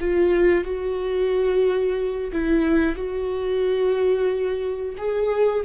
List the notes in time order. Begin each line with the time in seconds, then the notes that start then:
0.00 F4
0.65 F#4
2.33 E4
2.96 F#4
4.98 G#4